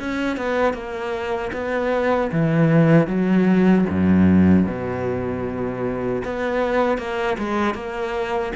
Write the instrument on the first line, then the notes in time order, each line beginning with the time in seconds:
cello
0.00 C#4
0.37 B3
0.74 A#3
1.53 B3
2.32 E3
3.07 F#3
3.90 F#2
4.67 B2
6.25 B3
6.98 A#3
7.39 G#3
7.75 A#3